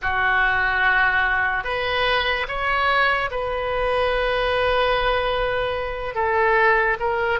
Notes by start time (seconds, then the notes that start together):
0.01 F#4
1.64 B4
2.48 C#5
3.31 B4
6.15 A4
6.99 A#4